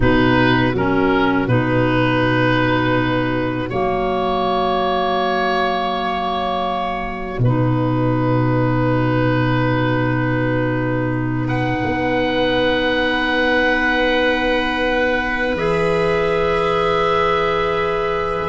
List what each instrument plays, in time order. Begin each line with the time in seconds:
0.00 tuba B2, clarinet D#4, viola F#4, oboe B4
0.73 tuba F#3, clarinet C#4, oboe A#4
1.47 tuba B2, clarinet D#4, oboe B4
3.69 tuba F#3, clarinet A#3, oboe C#5
7.38 tuba B2, oboe B4
7.45 clarinet D#4
11.47 viola B4, oboe F#5
11.84 tuba B3
15.53 tuba E3, clarinet G#4, oboe E5